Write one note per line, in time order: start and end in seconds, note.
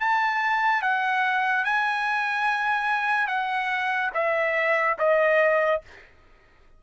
0.00 0.82 A5
0.82 1.64 F#5
1.64 3.27 G#5
3.27 4.11 F#5
4.14 4.97 E5
4.98 5.82 D#5